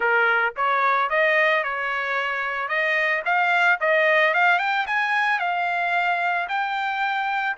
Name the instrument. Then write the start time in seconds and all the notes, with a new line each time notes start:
trumpet
0.00 A#4
0.56 C#5
1.09 D#5
1.63 C#5
2.68 D#5
3.25 F5
3.80 D#5
4.34 F5
4.58 G5
4.86 G#5
5.39 F5
6.48 G5